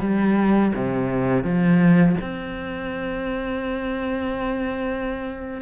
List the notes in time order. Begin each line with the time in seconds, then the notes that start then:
0.00 G3
0.75 C3
1.44 F3
2.21 C4